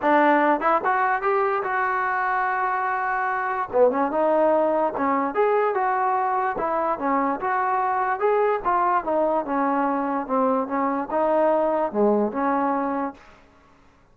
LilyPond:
\new Staff \with { instrumentName = "trombone" } { \time 4/4 \tempo 4 = 146 d'4. e'8 fis'4 g'4 | fis'1~ | fis'4 b8 cis'8 dis'2 | cis'4 gis'4 fis'2 |
e'4 cis'4 fis'2 | gis'4 f'4 dis'4 cis'4~ | cis'4 c'4 cis'4 dis'4~ | dis'4 gis4 cis'2 | }